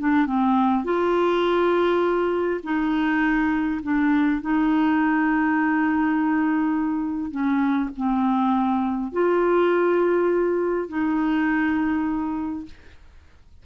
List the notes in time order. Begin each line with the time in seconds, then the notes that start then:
0.00 D4
0.26 C4
0.85 F4
2.64 D#4
3.83 D4
4.42 D#4
7.32 C#4
7.97 C4
9.13 F4
10.89 D#4